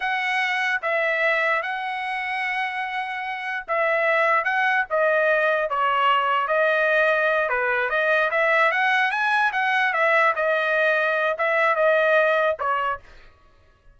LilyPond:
\new Staff \with { instrumentName = "trumpet" } { \time 4/4 \tempo 4 = 148 fis''2 e''2 | fis''1~ | fis''4 e''2 fis''4 | dis''2 cis''2 |
dis''2~ dis''8 b'4 dis''8~ | dis''8 e''4 fis''4 gis''4 fis''8~ | fis''8 e''4 dis''2~ dis''8 | e''4 dis''2 cis''4 | }